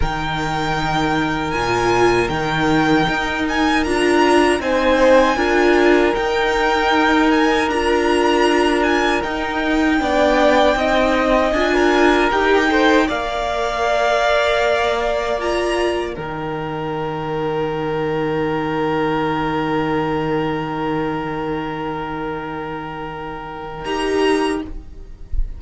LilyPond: <<
  \new Staff \with { instrumentName = "violin" } { \time 4/4 \tempo 4 = 78 g''2 gis''4 g''4~ | g''8 gis''8 ais''4 gis''2 | g''4. gis''8 ais''4. gis''8 | g''2. gis''4 |
g''4 f''2. | ais''4 g''2.~ | g''1~ | g''2. ais''4 | }
  \new Staff \with { instrumentName = "violin" } { \time 4/4 ais'1~ | ais'2 c''4 ais'4~ | ais'1~ | ais'4 d''4 dis''4~ dis''16 ais'8.~ |
ais'8 c''8 d''2.~ | d''4 ais'2.~ | ais'1~ | ais'1 | }
  \new Staff \with { instrumentName = "viola" } { \time 4/4 dis'2 f'4 dis'4~ | dis'4 f'4 dis'4 f'4 | dis'2 f'2 | dis'4 d'4 dis'4 f'4 |
g'8 a'8 ais'2. | f'4 dis'2.~ | dis'1~ | dis'2. g'4 | }
  \new Staff \with { instrumentName = "cello" } { \time 4/4 dis2 ais,4 dis4 | dis'4 d'4 c'4 d'4 | dis'2 d'2 | dis'4 b4 c'4 d'4 |
dis'4 ais2.~ | ais4 dis2.~ | dis1~ | dis2. dis'4 | }
>>